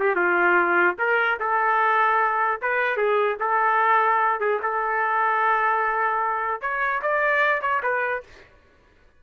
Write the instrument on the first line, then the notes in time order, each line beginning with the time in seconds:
trumpet
0.00 G4
0.16 F4
0.99 A#4
1.40 A4
2.62 B4
2.97 G#4
3.40 A4
4.40 G#4
4.63 A4
6.62 C#5
7.03 D5
7.62 C#5
7.83 B4